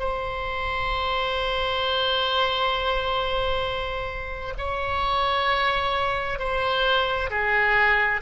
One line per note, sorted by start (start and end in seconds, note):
0.00 4.55 C5
4.58 6.39 C#5
6.39 7.30 C5
7.31 8.21 G#4